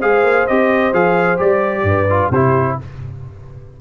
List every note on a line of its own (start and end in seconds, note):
0.00 0.23 G#3
0.00 0.48 G#4
0.00 1.85 C5
0.00 0.47 F5
0.23 0.46 A#3
0.47 0.93 C4
0.47 0.94 G4
0.47 0.94 D#5
0.93 1.40 F3
0.93 1.37 G#4
0.93 1.40 F5
1.37 1.83 G3
1.37 2.06 G4
1.37 2.32 D5
1.83 2.29 G2
1.83 2.32 B4
2.10 2.33 F4
2.30 2.76 C3
2.30 2.81 E4
2.30 2.78 G4
2.30 2.78 C5